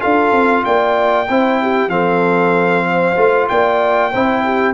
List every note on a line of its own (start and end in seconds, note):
0.00 0.32 D4
0.00 1.26 F4
0.00 0.63 A4
0.00 0.64 F5
0.32 0.63 C4
0.65 1.29 A#3
0.65 1.29 D5
0.65 1.90 G5
1.29 1.88 C4
1.29 1.89 E4
1.29 1.62 C5
1.62 1.91 G4
1.88 3.14 F3
1.88 3.16 C4
1.88 2.86 A4
1.88 3.47 F5
2.86 3.49 C5
3.16 3.48 A3
3.16 4.11 F4
3.49 4.14 A#3
3.49 4.12 D5
3.49 4.74 G5
4.12 4.74 C4
4.12 4.74 E4
4.12 4.44 C5
4.44 4.74 G4